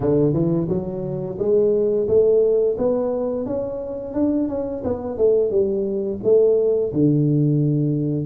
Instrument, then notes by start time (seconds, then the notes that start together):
tuba
0.00 D3
0.33 E3
0.68 F#3
1.38 G#3
2.08 A3
2.77 B3
3.45 C#4
4.14 D4
4.48 C#4
4.84 B3
5.17 A3
5.50 G3
6.23 A3
6.92 D3